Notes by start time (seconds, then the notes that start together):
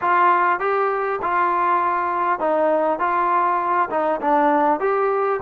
0.01 F4
0.59 G4
1.22 F4
2.39 D#4
2.99 F4
3.90 D#4
4.21 D4
4.80 G4